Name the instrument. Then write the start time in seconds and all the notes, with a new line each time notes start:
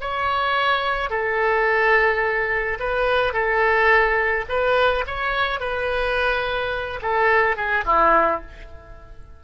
oboe
0.00 C#5
1.10 A4
2.79 B4
3.33 A4
4.48 B4
5.06 C#5
5.59 B4
7.02 A4
7.56 G#4
7.85 E4